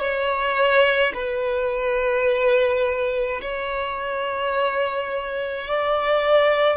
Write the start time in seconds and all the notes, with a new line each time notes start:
0.00 C#5
1.14 B4
3.42 C#5
5.67 D5